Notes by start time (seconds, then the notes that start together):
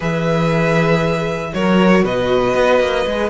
0.00 E3 G#4 B4 E5
1.53 F#3 F#4 A#4 C#5
2.03 B2 B4 D#5
2.54 B3
2.80 A#3
3.06 G#3 G#4